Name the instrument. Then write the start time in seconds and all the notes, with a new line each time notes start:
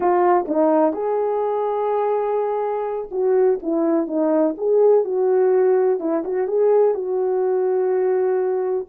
horn
0.00 F4
0.48 D#4
0.93 G#4
3.11 F#4
3.62 E4
4.07 D#4
4.57 G#4
5.04 F#4
5.99 E4
6.24 F#4
6.47 G#4
6.94 F#4